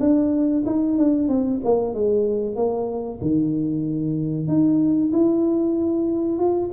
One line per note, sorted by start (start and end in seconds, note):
0.00 0.64 D4
0.66 0.98 D#4
0.98 1.29 D4
1.29 1.60 C4
1.65 1.94 A#3
1.94 2.56 G#3
2.56 3.19 A#3
3.21 4.48 D#3
4.48 5.12 D#4
5.12 6.38 E4
6.38 6.70 F4